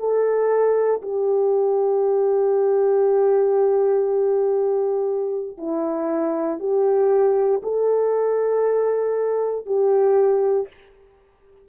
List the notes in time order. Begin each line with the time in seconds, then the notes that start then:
0.00 A4
1.03 G4
5.58 E4
6.60 G4
7.63 A4
9.67 G4